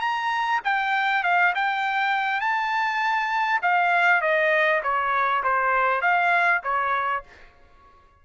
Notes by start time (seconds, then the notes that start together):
0.00 A#5
0.64 G5
1.23 F5
1.55 G5
2.41 A5
3.62 F5
4.21 D#5
4.83 C#5
5.43 C5
6.01 F5
6.63 C#5